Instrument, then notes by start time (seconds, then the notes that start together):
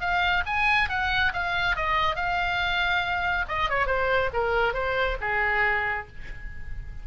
oboe
0.00 F5
0.46 G#5
0.89 F#5
1.33 F5
1.76 D#5
2.15 F5
3.48 D#5
3.69 C#5
3.86 C5
4.33 A#4
4.73 C5
5.20 G#4